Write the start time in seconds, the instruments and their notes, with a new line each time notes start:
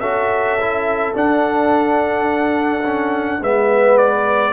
0.00 tuba C#4, trombone F#4, horn A4, trumpet E5
0.61 trombone E4
1.14 trombone D4, tuba D4, trumpet F#5
2.85 trombone C#4
3.41 tuba G#3, trombone B3, horn B4, trumpet E5
3.98 trumpet D5